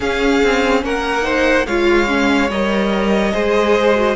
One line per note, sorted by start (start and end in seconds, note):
0.00 1.22 C#4
0.00 0.42 C#4
0.00 0.82 G#4
0.00 0.84 F5
0.43 0.84 C4
0.84 1.66 A#3
0.84 1.24 A#4
0.84 1.66 F#5
1.22 1.63 D#4
1.22 1.66 C5
1.66 2.50 G#3
1.66 2.07 F4
1.66 3.33 C#5
1.66 2.49 F5
2.07 2.48 C#4
2.50 3.33 G3
2.50 3.32 A#4
2.50 4.16 D#5
3.32 4.16 G#3
3.32 3.94 G#4
3.32 4.16 C5
3.95 4.15 F#4